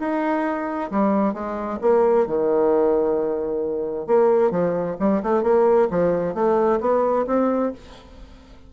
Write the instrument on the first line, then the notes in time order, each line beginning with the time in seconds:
bassoon
0.00 D#4
0.91 G3
1.34 G#3
1.82 A#3
2.27 D#3
4.07 A#3
4.51 F3
5.00 G3
5.23 A3
5.43 A#3
5.91 F3
6.35 A3
6.81 B3
7.27 C4